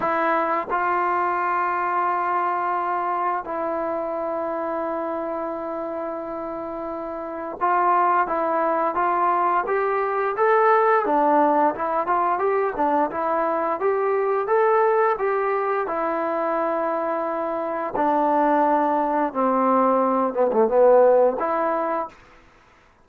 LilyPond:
\new Staff \with { instrumentName = "trombone" } { \time 4/4 \tempo 4 = 87 e'4 f'2.~ | f'4 e'2.~ | e'2. f'4 | e'4 f'4 g'4 a'4 |
d'4 e'8 f'8 g'8 d'8 e'4 | g'4 a'4 g'4 e'4~ | e'2 d'2 | c'4. b16 a16 b4 e'4 | }